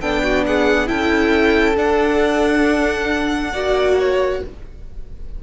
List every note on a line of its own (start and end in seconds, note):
0.00 0.89 B3
0.00 0.86 D4
0.00 0.22 A4
0.00 0.44 G5
0.23 0.45 F#4
0.46 0.88 G#4
0.46 0.87 F#5
0.86 1.76 C#4
0.86 1.74 E4
0.86 3.52 A4
0.86 1.76 G5
1.76 3.52 D4
1.76 4.43 F#5
3.52 4.40 A#3
3.52 4.43 F#4
3.52 3.96 D5
3.99 4.43 C#5